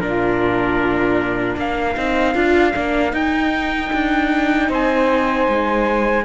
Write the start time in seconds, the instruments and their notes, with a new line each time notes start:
0.00 cello A#2, viola D4, saxophone F4, trumpet A#4
1.56 cello A#3, saxophone A#4, trumpet F5
1.96 cello C4, viola D#4
2.34 cello D4, viola F4
2.74 cello A#3, viola D4
3.11 viola D#4, cello D#4, trumpet G5
3.93 cello D4
4.68 cello C4, saxophone C5, trumpet G#5
5.48 cello G#3